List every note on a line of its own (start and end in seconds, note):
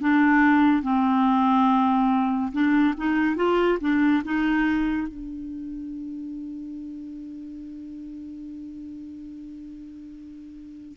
0.00 0.82 D4
0.82 2.51 C4
2.52 2.94 D4
2.97 3.36 D#4
3.36 3.78 F4
3.80 4.22 D4
4.24 5.07 D#4
5.07 10.97 D4